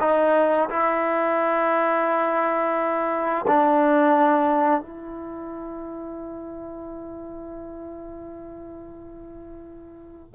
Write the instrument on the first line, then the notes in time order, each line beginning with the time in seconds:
trombone
0.00 D#4
0.70 E4
3.47 D4
4.81 E4